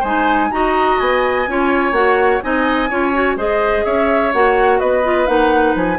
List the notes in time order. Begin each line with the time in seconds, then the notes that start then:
0.00 G#3 D#4 C5 G#5
0.51 D#4 F#4 D#5 A#5
0.99 B3 G#5
1.48 C#4 F4 C#5
1.92 A#3 F#4 F#5
2.42 C4 D#4 D#5 G#5
2.90 C#4 F4 C#5
3.13 F#4
3.36 G#3 G#4 C5 D#5
3.85 C#4 C#5 E5
4.33 A#3 F#4 F#5
4.80 B3 B4 D#5
5.03 F4
5.27 A#3 D#4 F#5
5.75 F3 G#5